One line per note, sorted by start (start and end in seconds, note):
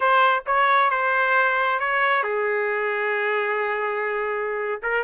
0.00 0.43 C5
0.46 0.90 C#5
0.90 1.79 C5
1.79 2.23 C#5
2.23 4.80 G#4
4.82 5.04 A#4